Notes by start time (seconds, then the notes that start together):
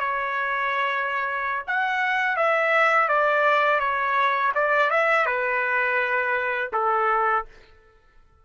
0.00 C#5
1.67 F#5
2.37 E5
3.08 D5
3.80 C#5
4.54 D5
4.90 E5
5.26 B4
6.73 A4